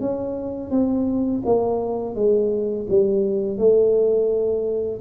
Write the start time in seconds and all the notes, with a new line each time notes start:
0.00 C#4
0.70 C4
1.45 A#3
2.15 G#3
2.89 G3
3.57 A3